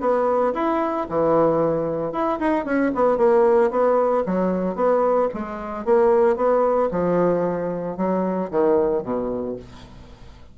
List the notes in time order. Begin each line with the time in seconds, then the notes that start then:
0.00 B3
0.54 E4
1.09 E3
2.12 E4
2.39 D#4
2.65 C#4
2.94 B3
3.17 A#3
3.70 B3
4.26 F#3
4.75 B3
5.33 G#3
5.85 A#3
6.36 B3
6.91 F3
7.97 F#3
8.50 D#3
9.03 B2